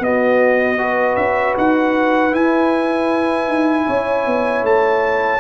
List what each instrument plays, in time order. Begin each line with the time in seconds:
0.00 tuba B3, trombone B3, horn F#4, trumpet D#5
0.78 trombone F#4, horn B4
1.16 tuba C#4, trumpet E5
1.58 tuba D#4, trumpet F#5
2.32 trombone E4, tuba E4, trumpet G#5
3.48 tuba D#4
3.87 tuba C#4, horn C#5
4.26 tuba B3
4.63 tuba A3, trumpet A5